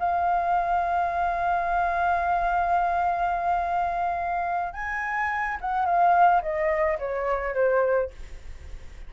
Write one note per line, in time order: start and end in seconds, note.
0.00 4.74 F5
4.74 5.58 G#5
5.61 5.86 F#5
5.86 6.42 F5
6.42 6.98 D#5
6.99 7.55 C#5
7.55 8.11 C5